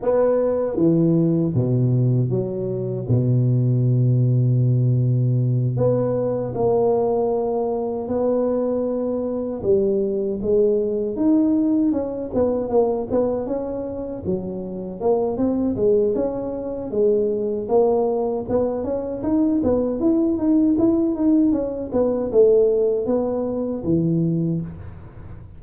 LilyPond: \new Staff \with { instrumentName = "tuba" } { \time 4/4 \tempo 4 = 78 b4 e4 b,4 fis4 | b,2.~ b,8 b8~ | b8 ais2 b4.~ | b8 g4 gis4 dis'4 cis'8 |
b8 ais8 b8 cis'4 fis4 ais8 | c'8 gis8 cis'4 gis4 ais4 | b8 cis'8 dis'8 b8 e'8 dis'8 e'8 dis'8 | cis'8 b8 a4 b4 e4 | }